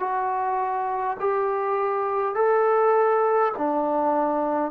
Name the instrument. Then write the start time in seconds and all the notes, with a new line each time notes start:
trombone
0.00 F#4
1.20 G4
2.35 A4
3.58 D4